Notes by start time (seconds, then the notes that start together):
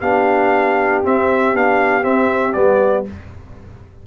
0.00 B3 D4 G4 F5
1.04 C4 E5
1.54 B3 D4 F5
2.02 C4 E5
2.53 G3 B3 D5